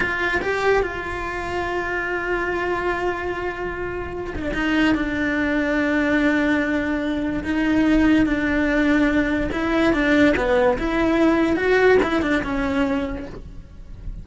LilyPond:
\new Staff \with { instrumentName = "cello" } { \time 4/4 \tempo 4 = 145 f'4 g'4 f'2~ | f'1~ | f'2~ f'8 dis'16 d'16 dis'4 | d'1~ |
d'2 dis'2 | d'2. e'4 | d'4 b4 e'2 | fis'4 e'8 d'8 cis'2 | }